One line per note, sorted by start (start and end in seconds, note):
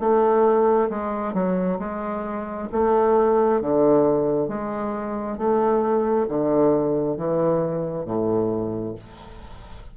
0.00 0.90 A3
0.90 1.34 G#3
1.34 1.79 F#3
1.79 2.69 G#3
2.72 3.61 A3
3.61 4.49 D3
4.49 5.38 G#3
5.38 6.28 A3
6.28 7.17 D3
7.17 8.06 E3
8.06 8.95 A2